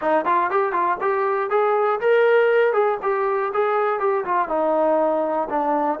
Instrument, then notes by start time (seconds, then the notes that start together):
trombone
0.01 D#4
0.25 F4
0.50 G4
0.72 F4
1.00 G4
1.50 G#4
2.00 A#4
2.73 G#4
3.02 G4
3.53 G#4
3.99 G4
4.25 F4
4.48 D#4
5.49 D4